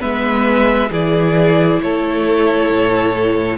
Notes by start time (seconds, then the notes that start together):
0.00 G#3 B3 B4 E5
0.90 E3 E4 G#4 D5
1.82 A3 A4 C#5
2.70 A2